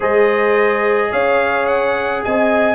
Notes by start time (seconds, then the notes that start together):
0.00 G#3 G#4 C5 D#5
1.11 C#4 C#5 F5
1.66 F#5
2.23 C4 D#5 G#5